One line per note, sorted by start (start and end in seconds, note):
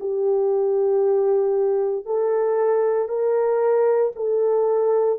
0.00 2.06 G4
2.06 3.08 A4
3.08 4.12 A#4
4.16 5.19 A4